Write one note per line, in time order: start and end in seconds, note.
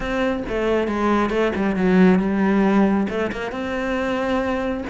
0.00 0.43 C4
0.48 0.87 A3
0.87 1.30 G#3
1.30 1.52 A3
1.55 1.76 G3
1.76 2.19 F#3
2.19 3.07 G3
3.09 3.31 A3
3.31 3.51 A#3
3.51 4.83 C4